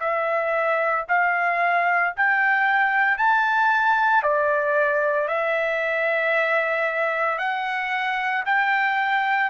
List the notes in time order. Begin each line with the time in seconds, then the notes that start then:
0.00 E5
1.09 F5
2.16 G5
3.18 A5
4.23 D5
5.28 E5
7.38 F#5
8.45 G5